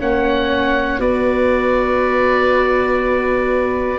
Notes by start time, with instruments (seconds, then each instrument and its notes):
0.00 tuba A#3, viola C#4, flute C#5, oboe F#5
1.00 tuba B3, viola F#4, flute B4, oboe D5